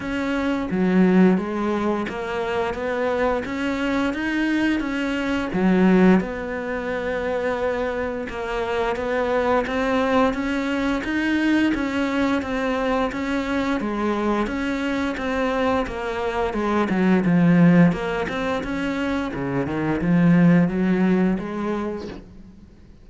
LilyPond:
\new Staff \with { instrumentName = "cello" } { \time 4/4 \tempo 4 = 87 cis'4 fis4 gis4 ais4 | b4 cis'4 dis'4 cis'4 | fis4 b2. | ais4 b4 c'4 cis'4 |
dis'4 cis'4 c'4 cis'4 | gis4 cis'4 c'4 ais4 | gis8 fis8 f4 ais8 c'8 cis'4 | cis8 dis8 f4 fis4 gis4 | }